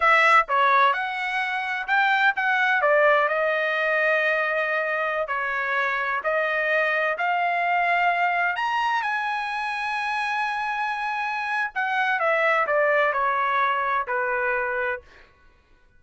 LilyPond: \new Staff \with { instrumentName = "trumpet" } { \time 4/4 \tempo 4 = 128 e''4 cis''4 fis''2 | g''4 fis''4 d''4 dis''4~ | dis''2.~ dis''16 cis''8.~ | cis''4~ cis''16 dis''2 f''8.~ |
f''2~ f''16 ais''4 gis''8.~ | gis''1~ | gis''4 fis''4 e''4 d''4 | cis''2 b'2 | }